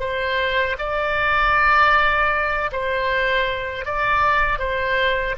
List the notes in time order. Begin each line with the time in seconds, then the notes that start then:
0.00 C5
0.79 D5
2.72 C5
3.86 D5
4.59 C5